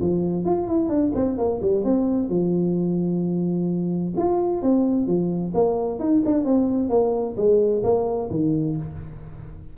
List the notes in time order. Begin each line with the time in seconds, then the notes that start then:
0.00 F3
0.45 F4
0.68 E4
0.88 D4
1.15 C4
1.37 A#3
1.61 G3
1.84 C4
2.29 F3
4.17 F4
4.62 C4
5.07 F3
5.54 A#3
5.99 D#4
6.25 D4
6.44 C4
6.89 A#3
7.37 G#3
7.83 A#3
8.30 D#3